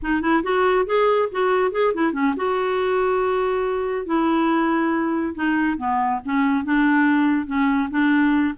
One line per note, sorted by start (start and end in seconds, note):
0.02 0.21 D#4
0.21 0.43 E4
0.43 0.86 F#4
0.86 1.28 G#4
1.31 1.71 F#4
1.71 1.93 G#4
1.94 2.13 E4
2.13 2.34 C#4
2.36 4.06 F#4
4.06 5.34 E4
5.35 5.77 D#4
5.77 6.20 B3
6.25 6.64 C#4
6.64 7.46 D4
7.46 7.89 C#4
7.90 8.54 D4